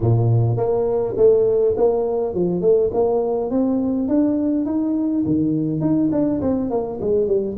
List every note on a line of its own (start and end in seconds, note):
0.00 0.56 A#2
0.56 1.15 A#3
1.17 1.75 A3
1.76 2.34 A#3
2.34 2.61 F3
2.61 2.90 A3
2.93 3.50 A#3
3.50 4.08 C4
4.08 4.65 D4
4.65 5.23 D#4
5.25 5.80 D#3
5.80 6.10 D#4
6.11 6.41 D4
6.41 6.70 C4
6.70 6.99 A#3
7.01 7.27 G#3
7.27 7.56 G3